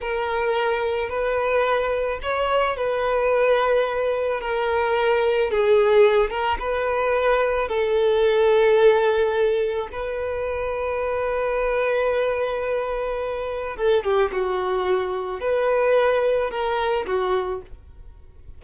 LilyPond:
\new Staff \with { instrumentName = "violin" } { \time 4/4 \tempo 4 = 109 ais'2 b'2 | cis''4 b'2. | ais'2 gis'4. ais'8 | b'2 a'2~ |
a'2 b'2~ | b'1~ | b'4 a'8 g'8 fis'2 | b'2 ais'4 fis'4 | }